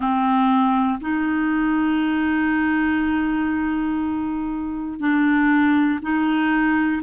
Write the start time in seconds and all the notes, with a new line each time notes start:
0.00 C4
1.00 D#4
5.00 D4
6.02 D#4